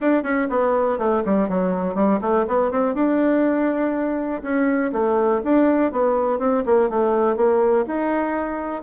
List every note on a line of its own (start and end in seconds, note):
0.00 0.23 D4
0.23 0.47 C#4
0.49 0.98 B3
0.98 1.23 A3
1.25 1.49 G3
1.49 1.94 F#3
1.94 2.19 G3
2.21 2.45 A3
2.47 2.71 B3
2.71 2.94 C4
2.94 4.42 D4
4.42 4.91 C#4
4.92 5.41 A3
5.44 5.92 D4
5.92 6.38 B3
6.38 6.63 C4
6.65 6.89 A#3
6.89 7.36 A3
7.36 7.85 A#3
7.86 8.83 D#4